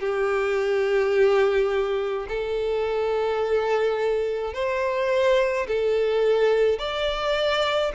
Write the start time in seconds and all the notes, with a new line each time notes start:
0.00 G4
2.28 A4
4.54 C5
5.68 A4
6.79 D5